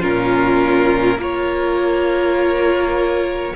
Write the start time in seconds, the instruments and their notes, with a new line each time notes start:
0.00 cello A#2, viola C#4, violin F4 A#4
1.17 cello A#3, viola F4, violin A#4 C#5